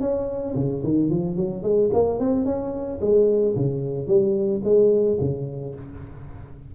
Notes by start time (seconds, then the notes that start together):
0.00 C#4
0.55 C#3
0.83 D#3
1.10 F3
1.36 F#3
1.62 G#3
1.93 A#3
2.19 C4
2.45 C#4
3.00 G#3
3.55 C#3
4.07 G3
4.63 G#3
5.20 C#3